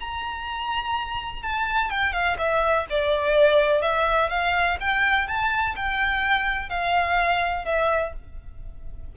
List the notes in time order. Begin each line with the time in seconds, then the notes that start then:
0.00 A#5
1.42 A5
1.90 G5
2.13 F5
2.38 E5
2.90 D5
3.82 E5
4.30 F5
4.80 G5
5.27 A5
5.76 G5
6.70 F5
7.65 E5